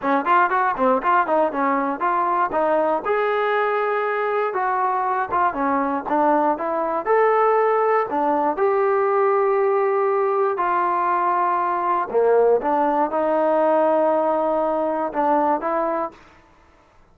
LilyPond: \new Staff \with { instrumentName = "trombone" } { \time 4/4 \tempo 4 = 119 cis'8 f'8 fis'8 c'8 f'8 dis'8 cis'4 | f'4 dis'4 gis'2~ | gis'4 fis'4. f'8 cis'4 | d'4 e'4 a'2 |
d'4 g'2.~ | g'4 f'2. | ais4 d'4 dis'2~ | dis'2 d'4 e'4 | }